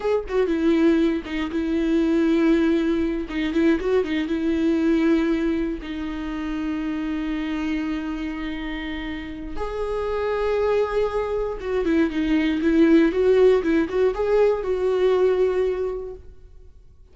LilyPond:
\new Staff \with { instrumentName = "viola" } { \time 4/4 \tempo 4 = 119 gis'8 fis'8 e'4. dis'8 e'4~ | e'2~ e'8 dis'8 e'8 fis'8 | dis'8 e'2. dis'8~ | dis'1~ |
dis'2. gis'4~ | gis'2. fis'8 e'8 | dis'4 e'4 fis'4 e'8 fis'8 | gis'4 fis'2. | }